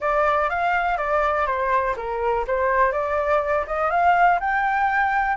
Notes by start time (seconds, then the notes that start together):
0.00 D5
0.49 F5
0.97 D5
1.46 C5
1.96 A#4
2.47 C5
2.92 D5
3.66 D#5
3.90 F5
4.39 G5